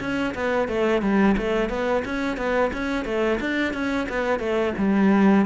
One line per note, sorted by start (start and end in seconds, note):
0.00 0.34 C#4
0.35 0.68 B3
0.68 1.02 A3
1.02 1.36 G3
1.37 1.69 A3
1.69 2.03 B3
2.05 2.37 C#4
2.37 2.71 B3
2.73 3.05 C#4
3.05 3.39 A3
3.40 3.73 D4
3.73 4.08 C#4
4.09 4.39 B3
4.39 4.73 A3
4.78 5.46 G3